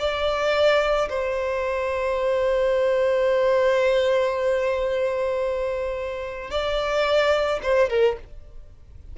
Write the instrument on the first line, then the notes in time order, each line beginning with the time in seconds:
violin
0.00 D5
1.10 C5
6.51 D5
7.63 C5
7.90 A#4